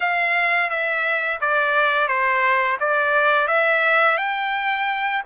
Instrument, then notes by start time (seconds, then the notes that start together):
trumpet
0.00 F5
0.69 E5
1.40 D5
2.07 C5
2.80 D5
3.47 E5
4.17 G5